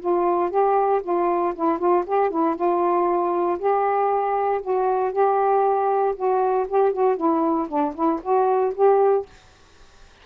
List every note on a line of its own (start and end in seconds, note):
0.00 0.50 F4
0.50 1.02 G4
1.03 1.54 F4
1.55 1.79 E4
1.79 2.04 F4
2.07 2.30 G4
2.30 2.56 E4
2.56 3.58 F4
3.59 4.61 G4
4.62 5.12 F#4
5.12 6.15 G4
6.16 6.67 F#4
6.69 6.93 G4
6.93 7.17 F#4
7.17 7.68 E4
7.68 7.94 D4
7.95 8.21 E4
8.23 8.74 F#4
8.75 9.26 G4